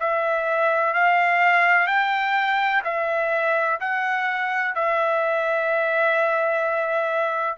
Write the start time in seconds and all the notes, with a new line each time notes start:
0.00 E5
0.94 F5
1.87 G5
2.84 E5
3.81 F#5
4.75 E5